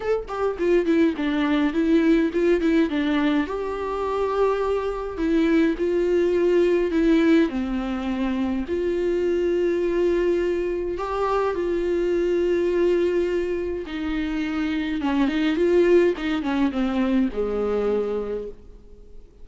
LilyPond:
\new Staff \with { instrumentName = "viola" } { \time 4/4 \tempo 4 = 104 a'8 g'8 f'8 e'8 d'4 e'4 | f'8 e'8 d'4 g'2~ | g'4 e'4 f'2 | e'4 c'2 f'4~ |
f'2. g'4 | f'1 | dis'2 cis'8 dis'8 f'4 | dis'8 cis'8 c'4 gis2 | }